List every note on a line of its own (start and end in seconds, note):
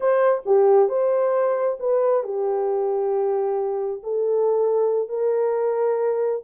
0.00 0.42 C5
0.45 0.88 G4
0.88 1.77 C5
1.79 2.23 B4
2.23 4.01 G4
4.03 5.08 A4
5.08 6.42 A#4